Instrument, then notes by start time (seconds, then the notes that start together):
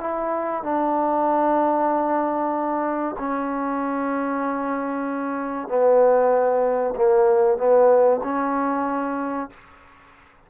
trombone
0.00 E4
0.63 D4
3.18 C#4
5.68 B3
6.96 A#3
7.57 B3
8.23 C#4